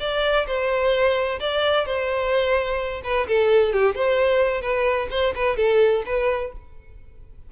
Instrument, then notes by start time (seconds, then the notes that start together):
violin
0.00 D5
0.47 C5
1.40 D5
1.86 C5
3.04 B4
3.28 A4
3.73 G4
3.95 C5
4.62 B4
5.11 C5
5.35 B4
5.57 A4
6.06 B4